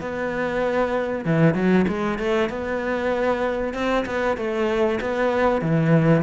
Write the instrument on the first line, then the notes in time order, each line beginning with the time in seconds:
cello
0.00 B3
1.24 E3
1.54 F#3
1.87 G#3
2.18 A3
2.49 B3
3.73 C4
4.05 B3
4.37 A3
5.00 B3
5.61 E3